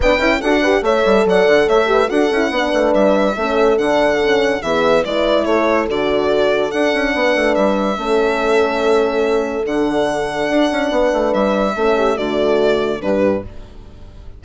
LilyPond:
<<
  \new Staff \with { instrumentName = "violin" } { \time 4/4 \tempo 4 = 143 g''4 fis''4 e''4 fis''4 | e''4 fis''2 e''4~ | e''4 fis''2 e''4 | d''4 cis''4 d''2 |
fis''2 e''2~ | e''2. fis''4~ | fis''2. e''4~ | e''4 d''2 b'4 | }
  \new Staff \with { instrumentName = "horn" } { \time 4/4 b'4 a'8 b'8 cis''4 d''4 | cis''8 b'8 a'4 b'2 | a'2. gis'4 | b'4 a'2.~ |
a'4 b'2 a'4~ | a'1~ | a'2 b'2 | a'8 g'8 fis'2 d'4 | }
  \new Staff \with { instrumentName = "horn" } { \time 4/4 d'8 e'8 fis'8 g'8 a'2~ | a'8 g'8 fis'8 e'8 d'2 | cis'4 d'4 cis'4 b4 | e'2 fis'2 |
d'2. cis'4~ | cis'2. d'4~ | d'1 | cis'4 a2 g4 | }
  \new Staff \with { instrumentName = "bassoon" } { \time 4/4 b8 cis'8 d'4 a8 g8 fis8 d8 | a4 d'8 cis'8 b8 a8 g4 | a4 d2 e4 | gis4 a4 d2 |
d'8 cis'8 b8 a8 g4 a4~ | a2. d4~ | d4 d'8 cis'8 b8 a8 g4 | a4 d2 g,4 | }
>>